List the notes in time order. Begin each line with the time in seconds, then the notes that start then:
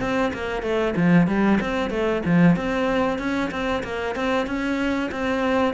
0.00 C4
0.33 A#3
0.62 A3
0.96 F3
1.27 G3
1.61 C4
1.90 A3
2.25 F3
2.56 C4
3.19 C#4
3.51 C4
3.83 A#3
4.15 C4
4.47 C#4
5.11 C4